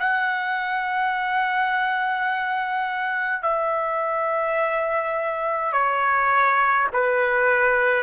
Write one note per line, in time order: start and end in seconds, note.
0.00 3.43 F#5
3.43 5.73 E5
5.73 6.88 C#5
6.93 8.03 B4